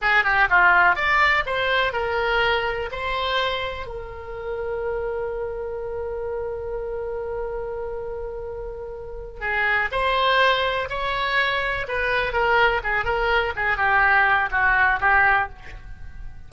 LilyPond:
\new Staff \with { instrumentName = "oboe" } { \time 4/4 \tempo 4 = 124 gis'8 g'8 f'4 d''4 c''4 | ais'2 c''2 | ais'1~ | ais'1~ |
ais'2.~ ais'8 gis'8~ | gis'8 c''2 cis''4.~ | cis''8 b'4 ais'4 gis'8 ais'4 | gis'8 g'4. fis'4 g'4 | }